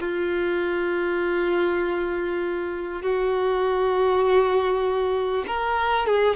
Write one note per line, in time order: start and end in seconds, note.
0.00 3.02 F4
3.02 5.45 F#4
5.47 6.07 A#4
6.07 6.36 G#4